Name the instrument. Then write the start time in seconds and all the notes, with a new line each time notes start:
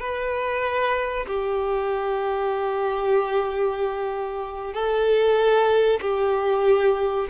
violin
0.00 B4
1.27 G4
4.74 A4
6.01 G4